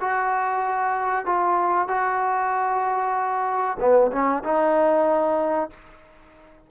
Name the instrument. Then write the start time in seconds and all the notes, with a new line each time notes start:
trombone
0.00 F#4
1.25 F4
1.88 F#4
3.79 B3
4.12 C#4
4.44 D#4